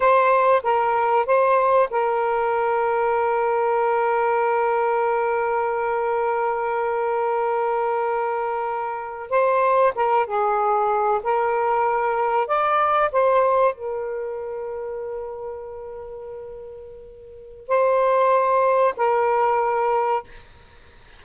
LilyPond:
\new Staff \with { instrumentName = "saxophone" } { \time 4/4 \tempo 4 = 95 c''4 ais'4 c''4 ais'4~ | ais'1~ | ais'1~ | ais'2~ ais'8. c''4 ais'16~ |
ais'16 gis'4. ais'2 d''16~ | d''8. c''4 ais'2~ ais'16~ | ais'1 | c''2 ais'2 | }